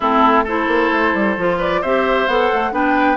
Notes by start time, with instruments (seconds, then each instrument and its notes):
0.00 bassoon A3, clarinet C4, oboe E4, flute A4
0.43 clarinet E4, oboe A4, flute C5
0.67 bassoon A#3
0.91 bassoon A3
1.14 bassoon G3
1.37 bassoon F3, clarinet F4
1.57 oboe B4, flute D5
1.81 bassoon C4, clarinet G4, oboe C5, flute E5
2.27 bassoon B3, clarinet A4, flute F#5
2.52 bassoon A3
2.72 bassoon B3, clarinet D4, oboe B4, flute G5